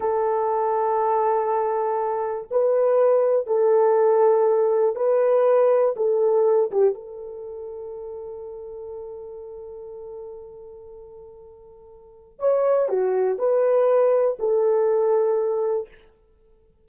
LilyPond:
\new Staff \with { instrumentName = "horn" } { \time 4/4 \tempo 4 = 121 a'1~ | a'4 b'2 a'4~ | a'2 b'2 | a'4. g'8 a'2~ |
a'1~ | a'1~ | a'4 cis''4 fis'4 b'4~ | b'4 a'2. | }